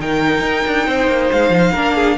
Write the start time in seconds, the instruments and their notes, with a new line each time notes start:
0.00 cello D#3, viola D#4, violin A#4 G5
0.41 cello D#4
0.67 cello D4
0.88 cello C4, violin C5
1.08 cello A#3
1.32 cello G#3, violin F5
1.50 cello F3
1.73 cello A#3, viola D4, violin A#4
1.95 violin G#4